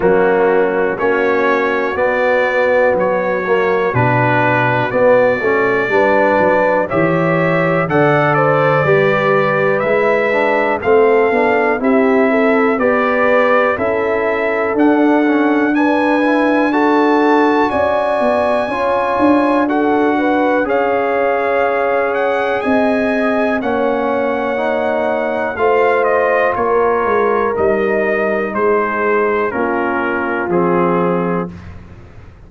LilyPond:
<<
  \new Staff \with { instrumentName = "trumpet" } { \time 4/4 \tempo 4 = 61 fis'4 cis''4 d''4 cis''4 | b'4 d''2 e''4 | fis''8 d''4. e''4 f''4 | e''4 d''4 e''4 fis''4 |
gis''4 a''4 gis''2 | fis''4 f''4. fis''8 gis''4 | fis''2 f''8 dis''8 cis''4 | dis''4 c''4 ais'4 gis'4 | }
  \new Staff \with { instrumentName = "horn" } { \time 4/4 cis'4 fis'2.~ | fis'2 b'4 cis''4 | d''8 c''8 b'2 a'4 | g'8 a'8 b'4 a'2 |
b'4 a'4 d''4 cis''4 | a'8 b'8 cis''2 dis''4 | cis''2 c''4 ais'4~ | ais'4 gis'4 f'2 | }
  \new Staff \with { instrumentName = "trombone" } { \time 4/4 ais4 cis'4 b4. ais8 | d'4 b8 cis'8 d'4 g'4 | a'4 g'4 e'8 d'8 c'8 d'8 | e'4 g'4 e'4 d'8 cis'8 |
d'8 e'8 fis'2 f'4 | fis'4 gis'2. | cis'4 dis'4 f'2 | dis'2 cis'4 c'4 | }
  \new Staff \with { instrumentName = "tuba" } { \time 4/4 fis4 ais4 b4 fis4 | b,4 b8 a8 g8 fis8 e4 | d4 g4 gis4 a8 b8 | c'4 b4 cis'4 d'4~ |
d'2 cis'8 b8 cis'8 d'8~ | d'4 cis'2 c'4 | ais2 a4 ais8 gis8 | g4 gis4 ais4 f4 | }
>>